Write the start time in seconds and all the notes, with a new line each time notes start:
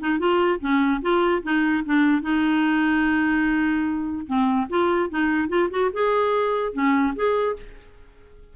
0.00 D#4
0.19 F4
0.60 C#4
1.02 F4
1.43 D#4
1.85 D4
2.22 D#4
4.27 C4
4.70 F4
5.10 D#4
5.49 F4
5.70 F#4
5.93 G#4
6.73 C#4
7.15 G#4